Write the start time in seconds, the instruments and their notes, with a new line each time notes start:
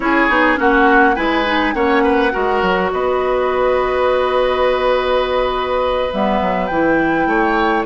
0.00 bassoon C#4, clarinet E4, oboe G#4, flute C#5
0.28 bassoon B3, clarinet D#4
0.56 bassoon A#3, clarinet C#4, oboe F#4, flute F#5
1.15 bassoon G#3, clarinet E4, oboe B4, flute G#5
1.45 clarinet D#4
1.74 bassoon A#3, clarinet C#4, oboe C#5, flute F#5
2.03 oboe B4
2.31 bassoon G#3, clarinet F#4, oboe A#4
2.62 bassoon F#3
2.92 bassoon B3, oboe B4, flute D#5
6.12 bassoon G3, clarinet B3, flute E5
6.41 bassoon F#3
6.66 bassoon E3, clarinet E4, flute G5
7.26 bassoon A3, oboe C#5